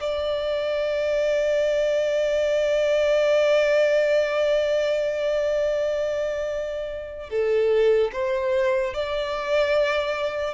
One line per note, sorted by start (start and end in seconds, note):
0.00 7.29 D5
7.29 8.10 A4
8.12 8.93 C5
8.93 10.54 D5